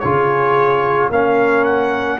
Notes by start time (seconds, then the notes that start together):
0.00 C#3 F4 G#4 C#5
1.10 A#3 C#4 A#4 F5
1.65 F#5